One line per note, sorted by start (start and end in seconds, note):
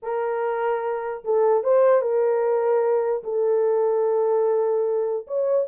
0.02 1.23 A#4
1.24 1.63 A4
1.63 2.01 C5
2.01 3.23 A#4
3.23 5.26 A4
5.27 5.68 C#5